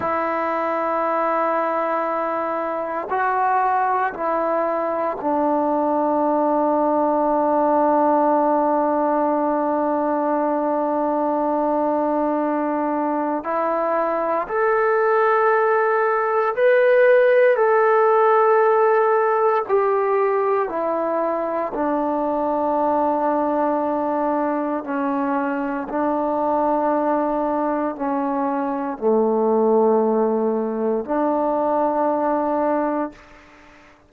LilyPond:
\new Staff \with { instrumentName = "trombone" } { \time 4/4 \tempo 4 = 58 e'2. fis'4 | e'4 d'2.~ | d'1~ | d'4 e'4 a'2 |
b'4 a'2 g'4 | e'4 d'2. | cis'4 d'2 cis'4 | a2 d'2 | }